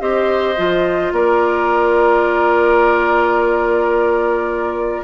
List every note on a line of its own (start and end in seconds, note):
0.00 0.57 C4
0.00 0.56 G4
0.00 1.14 C5
0.00 1.13 D#5
0.57 1.12 F3
0.57 5.04 F4
1.12 5.04 A#3
1.12 5.04 A#4
1.12 5.04 D5